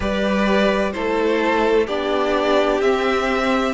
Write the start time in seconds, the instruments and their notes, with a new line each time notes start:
0.00 cello G3, viola G4, violin B4 D5
0.92 cello A3, viola E4, violin A4 C5
1.86 cello B3, viola D4, violin G4 D5
2.80 cello C4, viola C4, violin E5